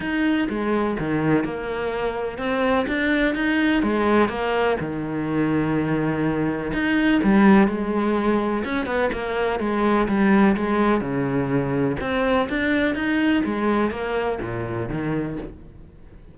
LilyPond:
\new Staff \with { instrumentName = "cello" } { \time 4/4 \tempo 4 = 125 dis'4 gis4 dis4 ais4~ | ais4 c'4 d'4 dis'4 | gis4 ais4 dis2~ | dis2 dis'4 g4 |
gis2 cis'8 b8 ais4 | gis4 g4 gis4 cis4~ | cis4 c'4 d'4 dis'4 | gis4 ais4 ais,4 dis4 | }